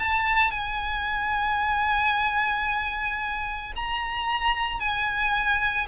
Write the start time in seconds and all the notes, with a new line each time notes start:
0.00 A5
0.52 G#5
3.76 A#5
4.80 G#5